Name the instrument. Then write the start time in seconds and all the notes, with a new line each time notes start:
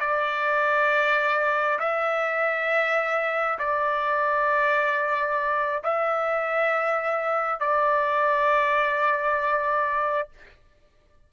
trumpet
0.00 D5
1.80 E5
3.59 D5
5.84 E5
7.60 D5